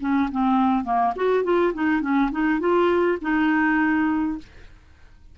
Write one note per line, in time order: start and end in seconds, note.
0.00 0.29 C#4
0.31 0.84 C4
0.84 1.13 A#3
1.16 1.44 F#4
1.44 1.73 F4
1.74 2.01 D#4
2.01 2.30 C#4
2.31 2.59 D#4
2.59 3.18 F4
3.21 4.38 D#4